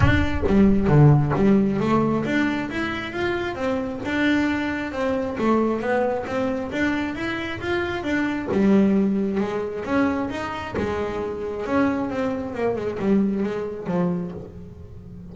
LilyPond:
\new Staff \with { instrumentName = "double bass" } { \time 4/4 \tempo 4 = 134 d'4 g4 d4 g4 | a4 d'4 e'4 f'4 | c'4 d'2 c'4 | a4 b4 c'4 d'4 |
e'4 f'4 d'4 g4~ | g4 gis4 cis'4 dis'4 | gis2 cis'4 c'4 | ais8 gis8 g4 gis4 f4 | }